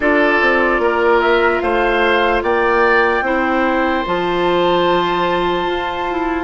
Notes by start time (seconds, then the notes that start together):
0.00 D4 F4 A4 D5
0.41 C4
0.79 A#3 A#4
1.20 E5
1.60 A3 C5 F5
2.42 A#3 D5 G5
3.21 C4 E4 C5
4.05 F3 F4 A5
5.66 F4
6.09 E4